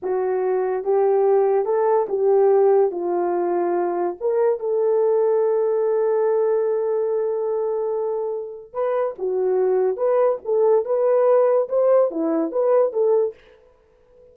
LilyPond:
\new Staff \with { instrumentName = "horn" } { \time 4/4 \tempo 4 = 144 fis'2 g'2 | a'4 g'2 f'4~ | f'2 ais'4 a'4~ | a'1~ |
a'1~ | a'4 b'4 fis'2 | b'4 a'4 b'2 | c''4 e'4 b'4 a'4 | }